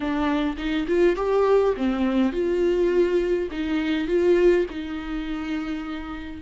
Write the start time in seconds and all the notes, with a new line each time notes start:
0.00 D4
0.57 D#4
0.87 F4
1.16 G4
1.76 C4
2.32 F4
3.51 D#4
4.07 F4
4.69 D#4